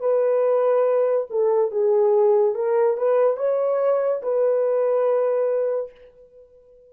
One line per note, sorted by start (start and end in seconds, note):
0.00 1.27 B4
1.30 1.71 A4
1.71 2.55 G#4
2.55 2.97 A#4
2.97 3.37 B4
3.37 4.21 C#5
4.22 5.91 B4